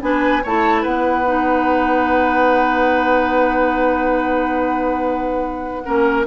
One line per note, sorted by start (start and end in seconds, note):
0.00 0.43 B3
0.00 0.42 D4
0.00 0.43 B4
0.00 0.43 G#5
0.43 0.85 A3
0.43 1.24 E4
0.43 0.81 C#5
0.43 0.82 A5
0.81 5.85 B3
0.81 5.81 B4
0.81 6.24 F#5
1.24 5.83 D#4
5.83 6.26 A#3
5.83 6.25 C#4
5.83 6.26 A#4